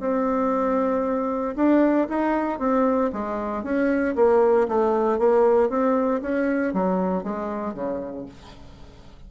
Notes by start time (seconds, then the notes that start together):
0.00 C4
1.56 D4
2.09 D#4
2.59 C4
3.13 G#3
3.63 C#4
4.16 A#3
4.68 A3
5.19 A#3
5.69 C4
6.22 C#4
6.74 F#3
7.24 G#3
7.74 C#3